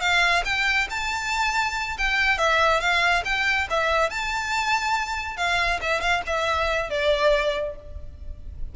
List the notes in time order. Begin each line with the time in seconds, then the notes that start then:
0.00 F5
0.44 G5
0.90 A5
1.98 G5
2.38 E5
2.80 F5
3.24 G5
3.70 E5
4.10 A5
5.36 F5
5.81 E5
6.00 F5
6.26 E5
6.90 D5